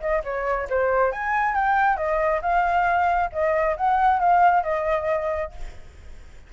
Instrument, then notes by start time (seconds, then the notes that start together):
flute
0.00 D#5
0.24 C#5
0.69 C5
1.11 G#5
1.55 G5
1.97 D#5
2.41 F5
3.32 D#5
3.77 F#5
4.19 F5
4.63 D#5